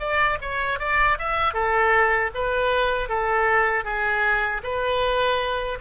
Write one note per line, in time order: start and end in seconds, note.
0.00 0.38 D5
0.42 0.80 C#5
0.80 1.18 D5
1.19 1.54 E5
1.54 2.31 A4
2.35 3.09 B4
3.09 3.85 A4
3.85 4.62 G#4
4.64 5.79 B4